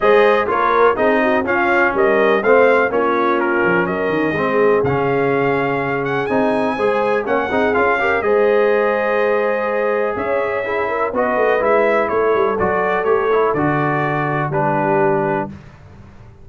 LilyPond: <<
  \new Staff \with { instrumentName = "trumpet" } { \time 4/4 \tempo 4 = 124 dis''4 cis''4 dis''4 f''4 | dis''4 f''4 cis''4 ais'4 | dis''2 f''2~ | f''8 fis''8 gis''2 fis''4 |
f''4 dis''2.~ | dis''4 e''2 dis''4 | e''4 cis''4 d''4 cis''4 | d''2 b'2 | }
  \new Staff \with { instrumentName = "horn" } { \time 4/4 c''4 ais'4 gis'8 fis'8 f'4 | ais'4 c''4 f'2 | ais'4 gis'2.~ | gis'2 c''4 cis''8 gis'8~ |
gis'8 ais'8 c''2.~ | c''4 cis''4 gis'8 ais'8 b'4~ | b'4 a'2.~ | a'2 g'2 | }
  \new Staff \with { instrumentName = "trombone" } { \time 4/4 gis'4 f'4 dis'4 cis'4~ | cis'4 c'4 cis'2~ | cis'4 c'4 cis'2~ | cis'4 dis'4 gis'4 cis'8 dis'8 |
f'8 g'8 gis'2.~ | gis'2 e'4 fis'4 | e'2 fis'4 g'8 e'8 | fis'2 d'2 | }
  \new Staff \with { instrumentName = "tuba" } { \time 4/4 gis4 ais4 c'4 cis'4 | g4 a4 ais4. f8 | fis8 dis8 gis4 cis2~ | cis4 c'4 gis4 ais8 c'8 |
cis'4 gis2.~ | gis4 cis'2 b8 a8 | gis4 a8 g8 fis4 a4 | d2 g2 | }
>>